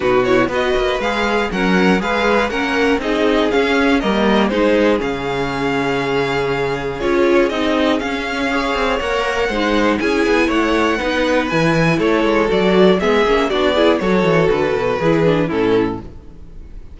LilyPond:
<<
  \new Staff \with { instrumentName = "violin" } { \time 4/4 \tempo 4 = 120 b'8 cis''8 dis''4 f''4 fis''4 | f''4 fis''4 dis''4 f''4 | dis''4 c''4 f''2~ | f''2 cis''4 dis''4 |
f''2 fis''2 | gis''4 fis''2 gis''4 | cis''4 d''4 e''4 d''4 | cis''4 b'2 a'4 | }
  \new Staff \with { instrumentName = "violin" } { \time 4/4 fis'4 b'2 ais'4 | b'4 ais'4 gis'2 | ais'4 gis'2.~ | gis'1~ |
gis'4 cis''2 c''4 | gis'4 cis''4 b'2 | a'2 gis'4 fis'8 gis'8 | a'2 gis'4 e'4 | }
  \new Staff \with { instrumentName = "viola" } { \time 4/4 dis'8 e'8 fis'4 gis'4 cis'4 | gis'4 cis'4 dis'4 cis'4 | ais4 dis'4 cis'2~ | cis'2 f'4 dis'4 |
cis'4 gis'4 ais'4 dis'4 | e'2 dis'4 e'4~ | e'4 fis'4 b8 cis'8 d'8 e'8 | fis'2 e'8 d'8 cis'4 | }
  \new Staff \with { instrumentName = "cello" } { \time 4/4 b,4 b8 ais8 gis4 fis4 | gis4 ais4 c'4 cis'4 | g4 gis4 cis2~ | cis2 cis'4 c'4 |
cis'4. c'8 ais4 gis4 | cis'8 b8 a4 b4 e4 | a8 gis8 fis4 gis8 ais8 b4 | fis8 e8 d8 b,8 e4 a,4 | }
>>